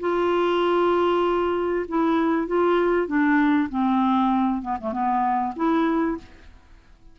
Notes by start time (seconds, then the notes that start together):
0.00 F4
1.88 E4
2.47 F4
3.07 D4
3.69 C4
4.62 B3
4.81 A3
4.92 B3
5.56 E4